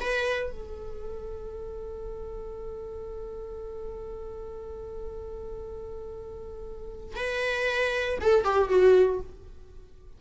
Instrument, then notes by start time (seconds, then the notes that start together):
viola
0.00 B4
0.51 A4
7.16 B4
8.21 A4
8.44 G4
8.69 F#4